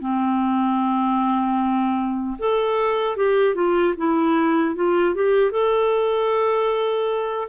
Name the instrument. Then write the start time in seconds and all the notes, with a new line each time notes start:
clarinet
0.00 C4
2.39 A4
3.17 G4
3.55 F4
3.98 E4
4.75 F4
5.15 G4
5.52 A4